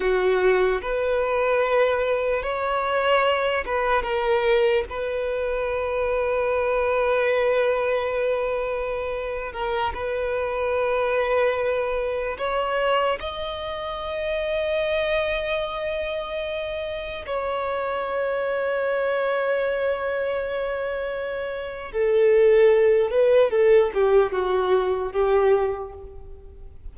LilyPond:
\new Staff \with { instrumentName = "violin" } { \time 4/4 \tempo 4 = 74 fis'4 b'2 cis''4~ | cis''8 b'8 ais'4 b'2~ | b'2.~ b'8. ais'16~ | ais'16 b'2. cis''8.~ |
cis''16 dis''2.~ dis''8.~ | dis''4~ dis''16 cis''2~ cis''8.~ | cis''2. a'4~ | a'8 b'8 a'8 g'8 fis'4 g'4 | }